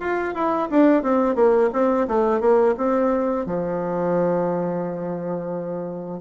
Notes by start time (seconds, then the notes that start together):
0.00 F4
0.35 E4
0.71 D4
1.03 C4
1.35 A#3
1.73 C4
2.08 A3
2.40 A#3
2.77 C4
3.46 F3